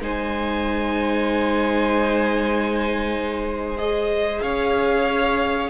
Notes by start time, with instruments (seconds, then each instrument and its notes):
0.00 cello G#3, viola D#4, violin C5 G#5
3.77 viola G#4, violin D#5
4.41 cello C#4, violin C#5 F5